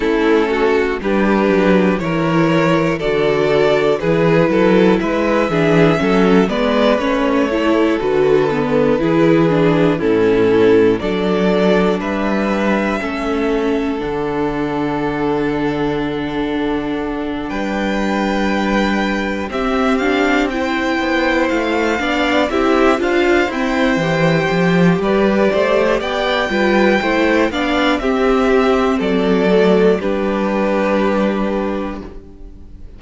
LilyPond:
<<
  \new Staff \with { instrumentName = "violin" } { \time 4/4 \tempo 4 = 60 a'4 b'4 cis''4 d''4 | b'4 e''4. d''8 cis''4 | b'2 a'4 d''4 | e''2 fis''2~ |
fis''4. g''2 e''8 | f''8 g''4 f''4 e''8 f''8 g''8~ | g''4 d''4 g''4. f''8 | e''4 d''4 b'2 | }
  \new Staff \with { instrumentName = "violin" } { \time 4/4 e'8 fis'8 g'4 ais'4 a'4 | gis'8 a'8 b'8 gis'8 a'8 b'4 a'8~ | a'4 gis'4 e'4 a'4 | b'4 a'2.~ |
a'4. b'2 g'8~ | g'8 c''4. d''8 g'8 c''4~ | c''4 b'8 c''8 d''8 b'8 c''8 d''8 | g'4 a'4 g'2 | }
  \new Staff \with { instrumentName = "viola" } { \time 4/4 cis'4 d'4 e'4 fis'4 | e'4. d'8 cis'8 b8 cis'8 e'8 | fis'8 b8 e'8 d'8 cis'4 d'4~ | d'4 cis'4 d'2~ |
d'2.~ d'8 c'8 | d'8 e'4. d'8 e'8 f'8 c'8 | g'2~ g'8 f'8 e'8 d'8 | c'4. a8 d'2 | }
  \new Staff \with { instrumentName = "cello" } { \time 4/4 a4 g8 fis8 e4 d4 | e8 fis8 gis8 e8 fis8 gis8 a4 | d4 e4 a,4 fis4 | g4 a4 d2~ |
d4. g2 c'8~ | c'4 b8 a8 b8 c'8 d'8 e'8 | e8 f8 g8 a8 b8 g8 a8 b8 | c'4 fis4 g2 | }
>>